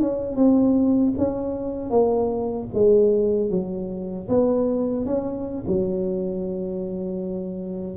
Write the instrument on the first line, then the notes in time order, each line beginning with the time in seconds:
tuba
0.00 C#4
0.35 C4
1.17 C#4
1.90 A#3
2.73 G#3
3.50 F#3
4.28 B3
5.05 C#4
5.67 F#3